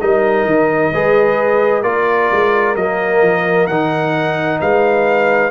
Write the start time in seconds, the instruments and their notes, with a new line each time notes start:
0.00 tuba G3, trombone D#4, horn A#4, trumpet D#5
0.45 tuba D#3
0.92 tuba G#3, trombone G#4, horn B4
1.81 tuba A#3, trombone F4, horn A#4, trumpet D5
2.31 tuba G#3
2.76 tuba F#3, trombone A#3, trumpet D#5
3.22 tuba F3
3.67 tuba D#3, trombone D#4, trumpet F#5
4.60 tuba G#3, horn B4, trumpet F5